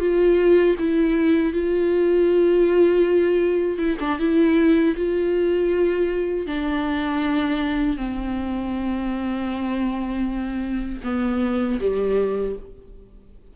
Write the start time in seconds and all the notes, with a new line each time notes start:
0.00 F4
0.79 E4
1.53 F4
3.79 E4
4.00 D4
4.19 E4
4.97 F4
6.47 D4
7.97 C4
11.04 B3
11.80 G3